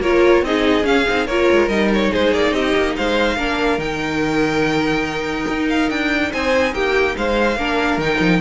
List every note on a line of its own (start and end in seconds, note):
0.00 0.41 A#3
0.00 0.45 F4
0.00 0.43 A#4
0.00 0.44 C#5
0.41 0.83 C4
0.41 0.82 D#4
0.41 1.26 G#4
0.41 0.85 D#5
0.82 1.03 C#4
0.82 1.05 C#4
0.82 1.26 F5
1.08 1.28 C4
1.08 1.29 D#4
1.26 1.49 A#3
1.26 1.70 F4
1.26 2.10 A#4
1.26 1.68 C#5
1.51 1.68 G#3
1.68 2.10 G3
1.68 3.38 D#4
1.68 1.89 D#5
1.94 2.13 C#5
2.11 2.32 G#3
2.11 2.53 G#4
2.11 2.33 C5
2.32 2.52 A#3
2.32 2.53 D5
2.52 2.73 C4
2.52 2.95 G4
2.52 2.95 D#5
2.76 2.97 A#3
2.96 3.36 G#3
2.96 3.36 C5
2.96 3.79 F5
3.36 3.78 A#3
3.36 3.79 D4
3.36 6.30 A#4
3.78 5.45 D#3
3.78 7.57 D#4
3.78 5.68 G5
5.48 5.90 D#4
5.69 5.90 F5
5.90 6.32 D4
5.90 6.32 G5
6.32 6.73 C4
6.32 6.74 C5
6.32 6.74 G#5
6.73 7.15 A#3
6.73 7.16 G4
6.73 7.16 G5
7.17 7.56 G#3
7.17 7.57 C5
7.17 7.99 F5
7.56 7.97 A#3
7.56 8.00 D4
7.56 8.40 A#4
7.97 8.18 D#3
7.97 8.40 D#4
7.97 8.40 G5
8.19 8.40 F3